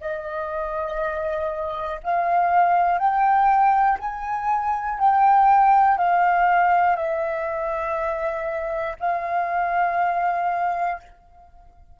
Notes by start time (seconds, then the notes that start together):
0.00 D#5
2.03 F5
2.98 G5
3.99 G#5
4.99 G5
5.98 F5
6.96 E5
8.99 F5